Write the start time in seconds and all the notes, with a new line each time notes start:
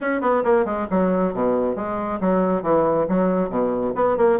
0.01 C#4
0.21 B3
0.44 A#3
0.65 G#3
0.90 F#3
1.33 B2
1.75 G#3
2.20 F#3
2.62 E3
3.08 F#3
3.49 B2
3.95 B3
4.17 A#3